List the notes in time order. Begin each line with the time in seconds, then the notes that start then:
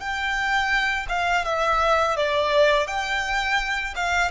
0.00 G5
1.09 F5
1.45 E5
2.17 D5
2.88 G5
3.96 F5